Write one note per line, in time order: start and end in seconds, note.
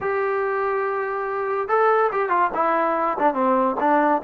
0.00 1.68 G4
1.68 2.10 A4
2.11 2.29 G4
2.29 2.50 F4
2.54 3.17 E4
3.18 3.34 D4
3.34 3.76 C4
3.79 4.22 D4